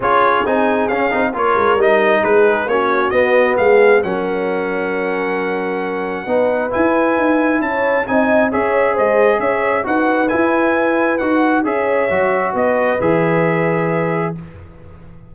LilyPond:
<<
  \new Staff \with { instrumentName = "trumpet" } { \time 4/4 \tempo 4 = 134 cis''4 gis''4 f''4 cis''4 | dis''4 b'4 cis''4 dis''4 | f''4 fis''2.~ | fis''2. gis''4~ |
gis''4 a''4 gis''4 e''4 | dis''4 e''4 fis''4 gis''4~ | gis''4 fis''4 e''2 | dis''4 e''2. | }
  \new Staff \with { instrumentName = "horn" } { \time 4/4 gis'2. ais'4~ | ais'4 gis'4 fis'2 | gis'4 ais'2.~ | ais'2 b'2~ |
b'4 cis''4 dis''4 cis''4 | c''4 cis''4 b'2~ | b'2 cis''2 | b'1 | }
  \new Staff \with { instrumentName = "trombone" } { \time 4/4 f'4 dis'4 cis'8 dis'8 f'4 | dis'2 cis'4 b4~ | b4 cis'2.~ | cis'2 dis'4 e'4~ |
e'2 dis'4 gis'4~ | gis'2 fis'4 e'4~ | e'4 fis'4 gis'4 fis'4~ | fis'4 gis'2. | }
  \new Staff \with { instrumentName = "tuba" } { \time 4/4 cis'4 c'4 cis'8 c'8 ais8 gis8 | g4 gis4 ais4 b4 | gis4 fis2.~ | fis2 b4 e'4 |
dis'4 cis'4 c'4 cis'4 | gis4 cis'4 dis'4 e'4~ | e'4 dis'4 cis'4 fis4 | b4 e2. | }
>>